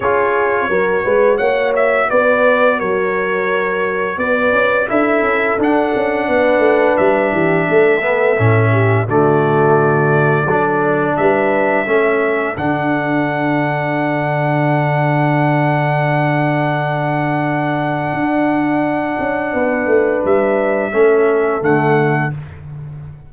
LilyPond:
<<
  \new Staff \with { instrumentName = "trumpet" } { \time 4/4 \tempo 4 = 86 cis''2 fis''8 e''8 d''4 | cis''2 d''4 e''4 | fis''2 e''2~ | e''4 d''2. |
e''2 fis''2~ | fis''1~ | fis''1~ | fis''4 e''2 fis''4 | }
  \new Staff \with { instrumentName = "horn" } { \time 4/4 gis'4 ais'8 b'8 cis''4 b'4 | ais'2 b'4 a'4~ | a'4 b'4. g'8 a'4~ | a'8 g'8 fis'2 a'4 |
b'4 a'2.~ | a'1~ | a'1 | b'2 a'2 | }
  \new Staff \with { instrumentName = "trombone" } { \time 4/4 f'4 fis'2.~ | fis'2. e'4 | d'2.~ d'8 b8 | cis'4 a2 d'4~ |
d'4 cis'4 d'2~ | d'1~ | d'1~ | d'2 cis'4 a4 | }
  \new Staff \with { instrumentName = "tuba" } { \time 4/4 cis'4 fis8 gis8 ais4 b4 | fis2 b8 cis'8 d'8 cis'8 | d'8 cis'8 b8 a8 g8 e8 a4 | a,4 d2 fis4 |
g4 a4 d2~ | d1~ | d2 d'4. cis'8 | b8 a8 g4 a4 d4 | }
>>